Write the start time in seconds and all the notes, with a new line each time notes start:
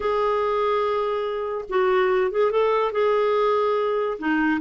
0.00 G#4
1.69 F#4
2.31 G#4
2.51 A4
2.92 G#4
4.18 D#4